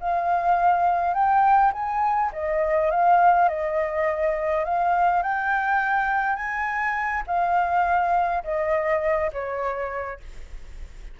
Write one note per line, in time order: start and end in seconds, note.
0.00 1.14 F5
1.14 1.72 G5
1.73 2.31 G#5
2.33 2.91 D#5
2.91 3.49 F5
3.49 4.65 D#5
4.65 5.23 F5
5.23 6.36 G5
6.36 7.23 G#5
7.27 8.44 F5
8.44 9.31 D#5
9.33 10.20 C#5